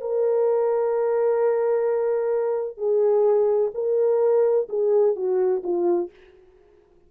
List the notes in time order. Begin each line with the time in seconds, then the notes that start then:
0.00 A#4
2.77 G#4
3.74 A#4
4.69 G#4
5.15 F#4
5.63 F4